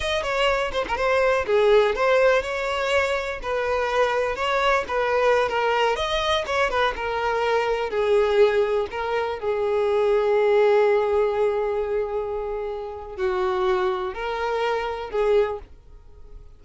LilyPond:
\new Staff \with { instrumentName = "violin" } { \time 4/4 \tempo 4 = 123 dis''8 cis''4 c''16 ais'16 c''4 gis'4 | c''4 cis''2 b'4~ | b'4 cis''4 b'4~ b'16 ais'8.~ | ais'16 dis''4 cis''8 b'8 ais'4.~ ais'16~ |
ais'16 gis'2 ais'4 gis'8.~ | gis'1~ | gis'2. fis'4~ | fis'4 ais'2 gis'4 | }